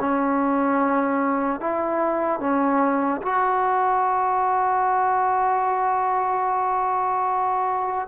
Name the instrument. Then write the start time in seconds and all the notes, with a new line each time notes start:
trombone
0.00 C#4
1.61 E4
2.40 C#4
3.22 F#4